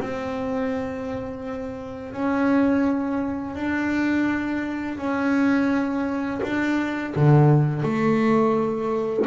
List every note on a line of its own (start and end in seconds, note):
0.00 2.13 C4
2.13 3.56 C#4
3.56 4.98 D4
4.98 6.41 C#4
6.43 7.14 D4
7.16 7.83 D3
7.83 9.26 A3